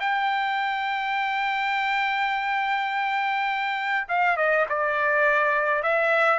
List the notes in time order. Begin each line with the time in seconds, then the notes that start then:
0.00 G5
4.09 F5
4.37 D#5
4.69 D5
5.83 E5